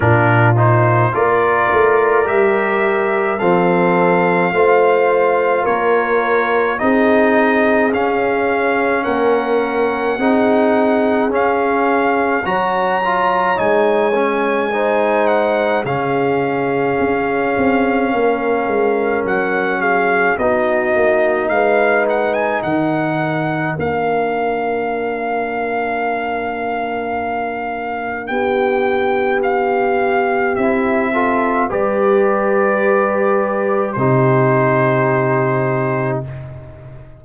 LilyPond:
<<
  \new Staff \with { instrumentName = "trumpet" } { \time 4/4 \tempo 4 = 53 ais'8 c''8 d''4 e''4 f''4~ | f''4 cis''4 dis''4 f''4 | fis''2 f''4 ais''4 | gis''4. fis''8 f''2~ |
f''4 fis''8 f''8 dis''4 f''8 fis''16 gis''16 | fis''4 f''2.~ | f''4 g''4 f''4 e''4 | d''2 c''2 | }
  \new Staff \with { instrumentName = "horn" } { \time 4/4 f'4 ais'2 a'4 | c''4 ais'4 gis'2 | ais'4 gis'2 cis''4~ | cis''4 c''4 gis'2 |
ais'4. gis'8 fis'4 b'4 | ais'1~ | ais'4 g'2~ g'8 a'8 | b'2 g'2 | }
  \new Staff \with { instrumentName = "trombone" } { \time 4/4 d'8 dis'8 f'4 g'4 c'4 | f'2 dis'4 cis'4~ | cis'4 dis'4 cis'4 fis'8 f'8 | dis'8 cis'8 dis'4 cis'2~ |
cis'2 dis'2~ | dis'4 d'2.~ | d'2. e'8 f'8 | g'2 dis'2 | }
  \new Staff \with { instrumentName = "tuba" } { \time 4/4 ais,4 ais8 a8 g4 f4 | a4 ais4 c'4 cis'4 | ais4 c'4 cis'4 fis4 | gis2 cis4 cis'8 c'8 |
ais8 gis8 fis4 b8 ais8 gis4 | dis4 ais2.~ | ais4 b2 c'4 | g2 c2 | }
>>